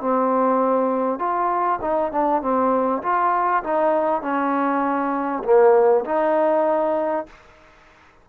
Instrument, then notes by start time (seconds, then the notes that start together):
trombone
0.00 C4
1.18 F4
1.81 D#4
2.11 D4
2.41 C4
3.02 F4
3.63 D#4
4.21 C#4
5.44 A#3
6.05 D#4